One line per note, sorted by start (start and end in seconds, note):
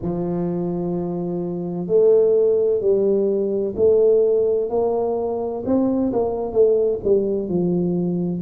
0.02 1.87 F3
1.87 2.80 A3
2.80 3.74 G3
3.76 4.69 A3
4.69 5.63 A#3
5.65 6.12 C4
6.12 6.52 A#3
6.52 6.99 A3
7.04 7.48 G3
7.48 8.41 F3